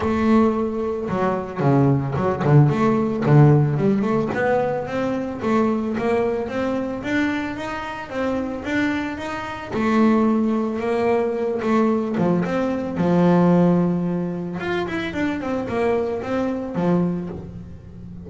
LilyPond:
\new Staff \with { instrumentName = "double bass" } { \time 4/4 \tempo 4 = 111 a2 fis4 cis4 | fis8 d8 a4 d4 g8 a8 | b4 c'4 a4 ais4 | c'4 d'4 dis'4 c'4 |
d'4 dis'4 a2 | ais4. a4 f8 c'4 | f2. f'8 e'8 | d'8 c'8 ais4 c'4 f4 | }